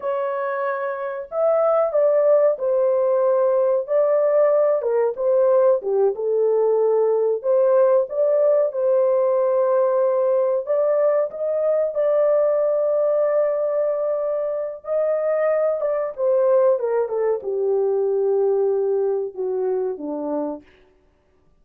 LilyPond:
\new Staff \with { instrumentName = "horn" } { \time 4/4 \tempo 4 = 93 cis''2 e''4 d''4 | c''2 d''4. ais'8 | c''4 g'8 a'2 c''8~ | c''8 d''4 c''2~ c''8~ |
c''8 d''4 dis''4 d''4.~ | d''2. dis''4~ | dis''8 d''8 c''4 ais'8 a'8 g'4~ | g'2 fis'4 d'4 | }